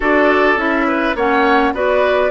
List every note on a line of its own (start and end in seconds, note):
0.00 0.56 D4
0.00 0.57 F#4
0.00 0.86 A4
0.00 0.58 D5
0.56 1.13 C#4
0.56 1.14 E4
0.56 1.16 E5
0.87 1.16 B4
1.15 1.72 A#3
1.15 1.74 C#4
1.15 1.73 C#5
1.15 1.74 F#5
1.73 2.30 B3
1.73 2.30 F#4
1.73 2.30 B4
1.73 2.30 D5